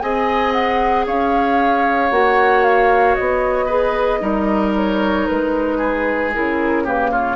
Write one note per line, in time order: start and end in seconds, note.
0.00 1.07 C4
0.00 2.12 G#4
0.00 1.07 D#5
0.00 0.53 G#5
0.53 1.06 F#5
1.07 2.11 C#4
1.07 3.66 C#5
1.07 2.12 F5
2.11 3.17 A#3
2.11 3.69 F#4
2.11 2.64 F#5
2.64 3.15 F5
3.15 4.22 B3
3.15 4.73 D#5
3.66 4.21 G#4
3.66 4.19 B4
4.21 5.27 G3
4.21 6.31 D#4
4.21 5.78 A#4
4.76 5.27 C#5
5.27 6.37 G#3
5.27 6.33 B4
5.78 6.84 G#4
6.34 7.37 C#3
6.34 6.86 E4
6.34 6.87 A#4
6.85 7.37 A#3
6.85 7.11 G4
6.85 7.12 B4
7.12 7.37 F4
7.12 7.37 C#5